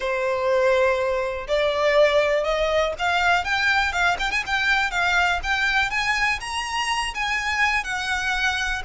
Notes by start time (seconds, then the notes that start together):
0.00 C5
1.47 D5
2.43 D#5
2.98 F5
3.44 G5
3.92 F5
4.19 G5
4.31 G#5
4.46 G5
4.90 F5
5.43 G5
5.90 G#5
6.40 A#5
7.14 G#5
7.84 F#5